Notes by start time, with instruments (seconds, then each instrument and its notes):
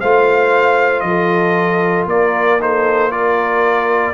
0.00 tuba A3, trombone F4, horn C5, trumpet F5
1.00 tuba F3, trumpet D#5
1.07 horn A4
2.06 tuba A#3, horn A#4, trumpet D5
2.59 trombone D#4, horn A4, trumpet C5
3.11 trombone F4, horn A#4, trumpet D5